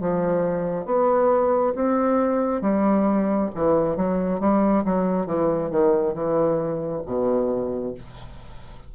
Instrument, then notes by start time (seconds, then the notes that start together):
bassoon
0.00 F3
0.85 B3
1.75 C4
2.61 G3
3.55 E3
3.96 F#3
4.40 G3
4.84 F#3
5.26 E3
5.71 D#3
6.14 E3
7.06 B2